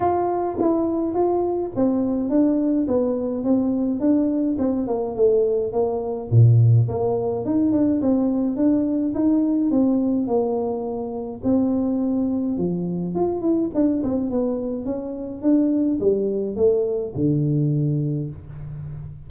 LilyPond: \new Staff \with { instrumentName = "tuba" } { \time 4/4 \tempo 4 = 105 f'4 e'4 f'4 c'4 | d'4 b4 c'4 d'4 | c'8 ais8 a4 ais4 ais,4 | ais4 dis'8 d'8 c'4 d'4 |
dis'4 c'4 ais2 | c'2 f4 f'8 e'8 | d'8 c'8 b4 cis'4 d'4 | g4 a4 d2 | }